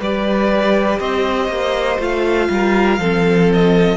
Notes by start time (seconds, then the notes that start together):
0.00 G3 G4 B4 D5
1.00 C4 C5 D#5
1.49 A#3
1.99 A3 F4 F5
2.50 G3 A#4
2.99 F3 C4 A4
3.54 D#5